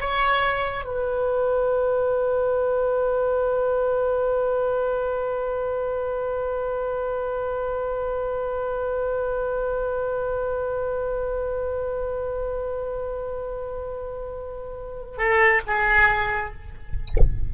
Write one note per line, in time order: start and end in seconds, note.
0.00 0.84 C#5
0.84 15.17 B4
15.17 15.61 A4
15.67 16.54 G#4